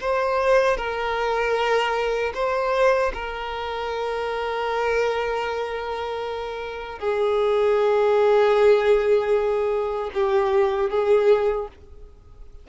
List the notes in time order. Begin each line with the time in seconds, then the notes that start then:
0.00 C5
0.77 A#4
2.34 C5
3.13 A#4
6.98 G#4
10.13 G4
10.89 G#4